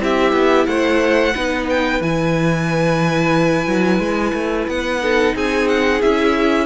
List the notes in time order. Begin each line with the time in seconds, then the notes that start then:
0.00 C4 E4 G4 E5
0.32 B3
0.66 A3 C5 F#5
1.33 B3 D#4 B4
1.69 G5
2.00 E3 E4 G#5
3.67 F#3
3.98 G#3
4.34 A3
4.67 B3 F#5
5.02 D#4 A4
5.35 C4 G#4 G#5
5.68 F#5
6.01 C#4 E4 E5